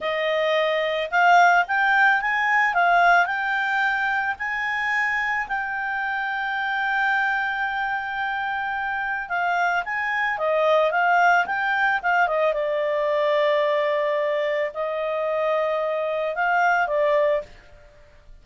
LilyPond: \new Staff \with { instrumentName = "clarinet" } { \time 4/4 \tempo 4 = 110 dis''2 f''4 g''4 | gis''4 f''4 g''2 | gis''2 g''2~ | g''1~ |
g''4 f''4 gis''4 dis''4 | f''4 g''4 f''8 dis''8 d''4~ | d''2. dis''4~ | dis''2 f''4 d''4 | }